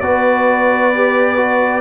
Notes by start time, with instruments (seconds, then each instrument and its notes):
0.00 tuba B3, trombone F#4, horn B4, trumpet D5
0.94 trombone G4
1.37 trombone F#4